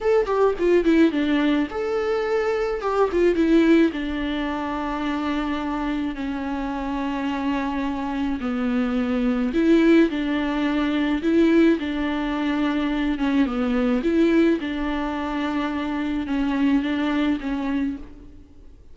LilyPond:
\new Staff \with { instrumentName = "viola" } { \time 4/4 \tempo 4 = 107 a'8 g'8 f'8 e'8 d'4 a'4~ | a'4 g'8 f'8 e'4 d'4~ | d'2. cis'4~ | cis'2. b4~ |
b4 e'4 d'2 | e'4 d'2~ d'8 cis'8 | b4 e'4 d'2~ | d'4 cis'4 d'4 cis'4 | }